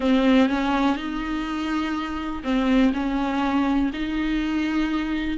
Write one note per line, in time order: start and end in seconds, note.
0.00 0.48 C4
0.48 0.96 C#4
0.96 2.42 D#4
2.43 2.92 C4
2.93 3.91 C#4
3.93 5.37 D#4